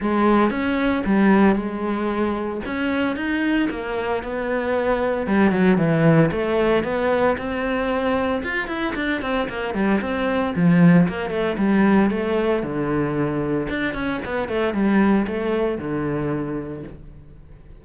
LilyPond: \new Staff \with { instrumentName = "cello" } { \time 4/4 \tempo 4 = 114 gis4 cis'4 g4 gis4~ | gis4 cis'4 dis'4 ais4 | b2 g8 fis8 e4 | a4 b4 c'2 |
f'8 e'8 d'8 c'8 ais8 g8 c'4 | f4 ais8 a8 g4 a4 | d2 d'8 cis'8 b8 a8 | g4 a4 d2 | }